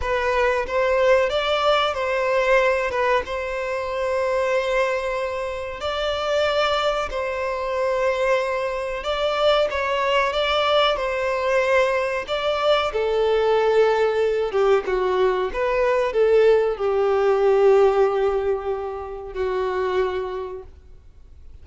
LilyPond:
\new Staff \with { instrumentName = "violin" } { \time 4/4 \tempo 4 = 93 b'4 c''4 d''4 c''4~ | c''8 b'8 c''2.~ | c''4 d''2 c''4~ | c''2 d''4 cis''4 |
d''4 c''2 d''4 | a'2~ a'8 g'8 fis'4 | b'4 a'4 g'2~ | g'2 fis'2 | }